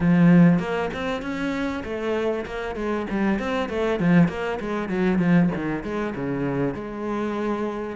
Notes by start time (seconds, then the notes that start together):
0.00 F3
0.59 A#3
0.93 C4
1.21 C#4
1.83 A3
2.45 A#3
2.76 G#3
3.09 G3
3.39 C4
3.69 A3
3.99 F3
4.28 A#3
4.59 G#3
4.88 F#3
5.18 F3
5.55 D#3
5.83 G#3
6.15 C#3
6.74 G#3